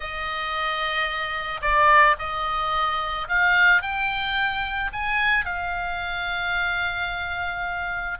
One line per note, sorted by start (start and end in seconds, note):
0.00 1.60 D#5
1.61 2.16 D5
2.18 3.28 D#5
3.28 3.82 F5
3.82 4.91 G5
4.92 5.45 G#5
5.45 8.17 F5